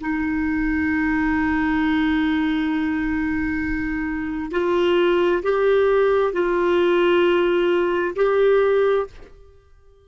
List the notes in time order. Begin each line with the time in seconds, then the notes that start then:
0.00 D#4
4.51 F4
5.43 G4
6.33 F4
8.16 G4